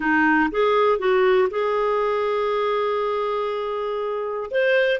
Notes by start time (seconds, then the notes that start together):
0.00 D#4
0.51 G#4
0.99 F#4
1.50 G#4
4.50 C5